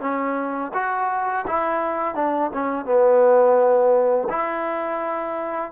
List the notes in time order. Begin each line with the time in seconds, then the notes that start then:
0.00 C#4
0.74 F#4
1.47 E4
2.15 D4
2.53 C#4
2.85 B3
4.29 E4